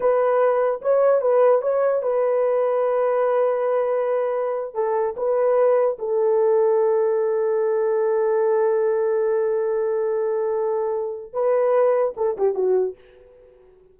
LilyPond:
\new Staff \with { instrumentName = "horn" } { \time 4/4 \tempo 4 = 148 b'2 cis''4 b'4 | cis''4 b'2.~ | b'2.~ b'8. a'16~ | a'8. b'2 a'4~ a'16~ |
a'1~ | a'1~ | a'1 | b'2 a'8 g'8 fis'4 | }